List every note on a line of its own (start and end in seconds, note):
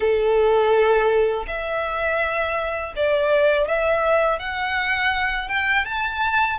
0.00 1.46 A4
1.47 2.93 E5
2.96 3.68 D5
3.68 4.39 E5
4.39 5.48 F#5
5.48 5.85 G5
5.85 6.58 A5